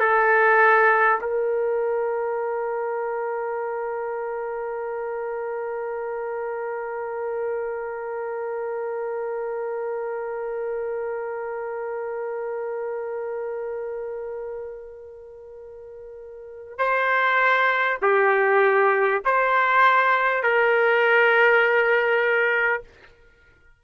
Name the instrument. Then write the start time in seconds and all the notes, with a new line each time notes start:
trumpet
0.00 A4
1.21 A#4
16.78 C5
18.02 G4
19.25 C5
20.43 A#4